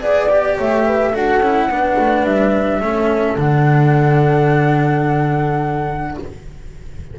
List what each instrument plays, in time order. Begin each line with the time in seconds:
0.00 double bass B3, cello G#4, flute D5, horn D5
0.29 cello G4
0.57 double bass A3, horn C#5, flute E5
0.86 horn B4
1.11 double bass D4, cello F#4, horn A4, flute F#5
1.39 double bass C#4, cello E4
1.67 double bass B3, cello D4, horn B4
1.98 double bass A3
2.24 double bass G3, flute E5
2.80 double bass A3, cello C#4, horn A4
3.36 double bass D3, cello D4, flute F#5